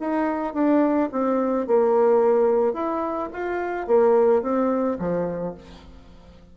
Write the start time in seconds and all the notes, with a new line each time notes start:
0.00 D#4
0.54 D4
1.12 C4
1.67 A#3
2.74 E4
3.33 F4
3.87 A#3
4.43 C4
4.99 F3